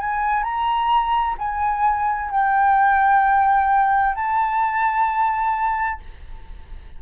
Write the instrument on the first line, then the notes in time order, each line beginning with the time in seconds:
flute
0.00 G#5
0.43 A#5
1.38 G#5
2.31 G5
4.15 A5